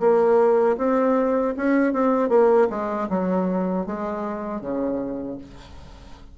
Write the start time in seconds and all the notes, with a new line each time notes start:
0.00 A#3
0.78 C4
1.57 C#4
1.93 C4
2.29 A#3
2.70 G#3
3.10 F#3
3.87 G#3
4.61 C#3